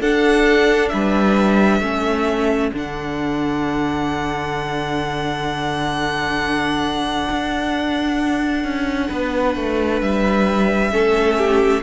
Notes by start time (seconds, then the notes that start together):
0.00 D4 A4 F#5
0.89 G3 B4 E5
1.80 A3 C#4 A4
2.74 D3 D4 F#5
7.30 D4
8.64 C#4
9.09 B3 B4
9.56 A3
10.02 G3 E5
10.91 A3 C#4 A4
11.38 G4